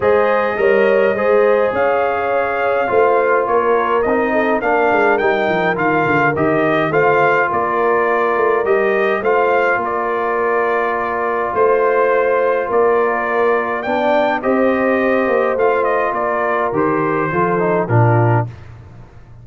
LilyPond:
<<
  \new Staff \with { instrumentName = "trumpet" } { \time 4/4 \tempo 4 = 104 dis''2. f''4~ | f''2 cis''4 dis''4 | f''4 g''4 f''4 dis''4 | f''4 d''2 dis''4 |
f''4 d''2. | c''2 d''2 | g''4 dis''2 f''8 dis''8 | d''4 c''2 ais'4 | }
  \new Staff \with { instrumentName = "horn" } { \time 4/4 c''4 cis''4 c''4 cis''4~ | cis''4 c''4 ais'4. a'8 | ais'1 | c''4 ais'2. |
c''4 ais'2. | c''2 ais'2 | d''4 c''2. | ais'2 a'4 f'4 | }
  \new Staff \with { instrumentName = "trombone" } { \time 4/4 gis'4 ais'4 gis'2~ | gis'4 f'2 dis'4 | d'4 dis'4 f'4 g'4 | f'2. g'4 |
f'1~ | f'1 | d'4 g'2 f'4~ | f'4 g'4 f'8 dis'8 d'4 | }
  \new Staff \with { instrumentName = "tuba" } { \time 4/4 gis4 g4 gis4 cis'4~ | cis'4 a4 ais4 c'4 | ais8 gis8 g8 f8 dis8 d8 dis4 | a4 ais4. a8 g4 |
a4 ais2. | a2 ais2 | b4 c'4. ais8 a4 | ais4 dis4 f4 ais,4 | }
>>